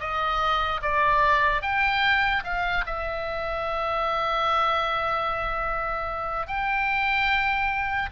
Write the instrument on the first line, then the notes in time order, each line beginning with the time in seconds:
oboe
0.00 D#5
0.83 D5
1.62 G5
2.44 F5
2.86 E5
6.48 G5